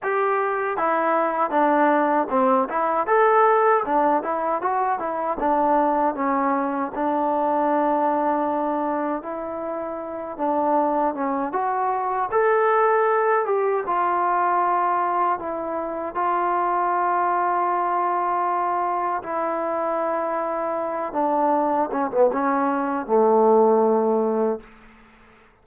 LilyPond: \new Staff \with { instrumentName = "trombone" } { \time 4/4 \tempo 4 = 78 g'4 e'4 d'4 c'8 e'8 | a'4 d'8 e'8 fis'8 e'8 d'4 | cis'4 d'2. | e'4. d'4 cis'8 fis'4 |
a'4. g'8 f'2 | e'4 f'2.~ | f'4 e'2~ e'8 d'8~ | d'8 cis'16 b16 cis'4 a2 | }